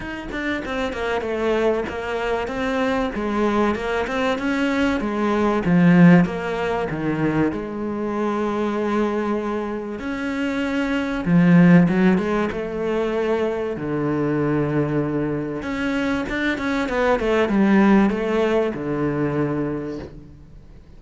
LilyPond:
\new Staff \with { instrumentName = "cello" } { \time 4/4 \tempo 4 = 96 dis'8 d'8 c'8 ais8 a4 ais4 | c'4 gis4 ais8 c'8 cis'4 | gis4 f4 ais4 dis4 | gis1 |
cis'2 f4 fis8 gis8 | a2 d2~ | d4 cis'4 d'8 cis'8 b8 a8 | g4 a4 d2 | }